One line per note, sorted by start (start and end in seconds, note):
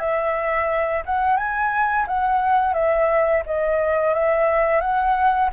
0.00 1.03 E5
1.06 1.37 F#5
1.37 2.06 G#5
2.08 2.74 F#5
2.74 3.43 E5
3.46 4.14 D#5
4.14 4.81 E5
4.81 5.50 F#5